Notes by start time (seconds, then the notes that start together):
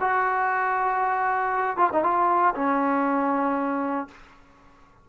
0.00 F#4
1.77 F4
1.92 D#4
2.03 F4
2.55 C#4